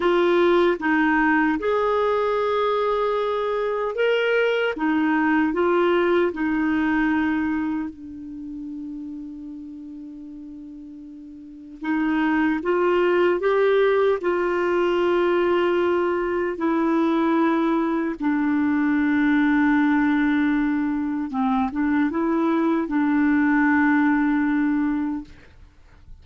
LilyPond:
\new Staff \with { instrumentName = "clarinet" } { \time 4/4 \tempo 4 = 76 f'4 dis'4 gis'2~ | gis'4 ais'4 dis'4 f'4 | dis'2 d'2~ | d'2. dis'4 |
f'4 g'4 f'2~ | f'4 e'2 d'4~ | d'2. c'8 d'8 | e'4 d'2. | }